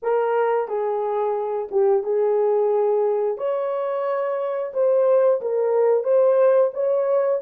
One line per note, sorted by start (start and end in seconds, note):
0.02 0.67 A#4
0.67 1.69 G#4
1.71 2.03 G4
2.03 3.37 G#4
3.37 4.72 C#5
4.73 5.41 C5
5.41 6.03 A#4
6.03 6.71 C5
6.73 7.41 C#5